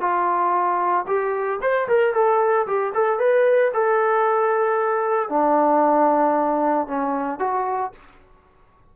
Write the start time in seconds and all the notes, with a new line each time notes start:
0.00 F4
1.07 G4
1.61 C5
1.88 A#4
2.13 A4
2.66 G4
2.94 A4
3.19 B4
3.73 A4
5.29 D4
6.87 C#4
7.39 F#4